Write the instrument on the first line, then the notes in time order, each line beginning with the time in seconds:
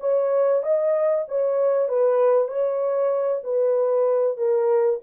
horn
0.00 C#5
0.62 D#5
1.28 C#5
1.88 B4
2.48 C#5
3.43 B4
4.37 A#4